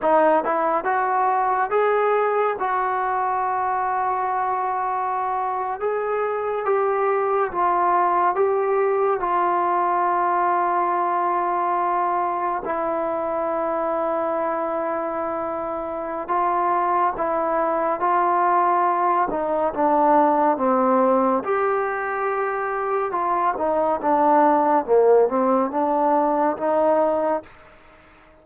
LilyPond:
\new Staff \with { instrumentName = "trombone" } { \time 4/4 \tempo 4 = 70 dis'8 e'8 fis'4 gis'4 fis'4~ | fis'2~ fis'8. gis'4 g'16~ | g'8. f'4 g'4 f'4~ f'16~ | f'2~ f'8. e'4~ e'16~ |
e'2. f'4 | e'4 f'4. dis'8 d'4 | c'4 g'2 f'8 dis'8 | d'4 ais8 c'8 d'4 dis'4 | }